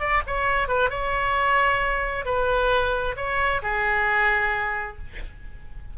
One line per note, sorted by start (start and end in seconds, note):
0.00 0.23 D5
0.27 0.68 C#5
0.68 0.90 B4
0.90 2.26 C#5
2.26 3.16 B4
3.17 3.62 C#5
3.63 4.98 G#4